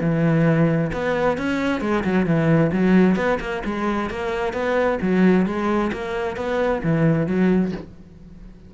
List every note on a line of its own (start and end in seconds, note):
0.00 0.91 E3
0.92 1.38 B3
1.38 1.81 C#4
1.81 2.04 G#3
2.04 2.26 F#3
2.26 2.71 E3
2.72 3.16 F#3
3.16 3.38 B3
3.40 3.63 A#3
3.64 4.10 G#3
4.10 4.53 A#3
4.53 4.99 B3
5.01 5.46 F#3
5.46 5.91 G#3
5.92 6.36 A#3
6.36 6.82 B3
6.83 7.26 E3
7.26 7.72 F#3